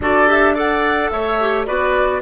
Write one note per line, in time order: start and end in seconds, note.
0.00 1.11 D4
0.00 0.27 F#4
0.00 0.54 A4
0.00 0.29 D5
0.27 0.55 G4
0.27 0.57 E5
0.54 1.38 A4
0.54 1.10 D5
0.54 1.10 F#5
1.10 1.66 A3
1.10 1.66 C#5
1.10 1.66 E5
1.40 1.66 G4
1.66 2.22 B3
1.66 2.22 F#4
1.66 2.22 B4
1.66 2.22 D5